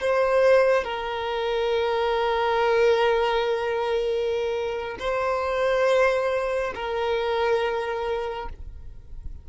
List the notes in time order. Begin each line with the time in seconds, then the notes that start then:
0.00 C5
0.84 A#4
4.99 C5
6.74 A#4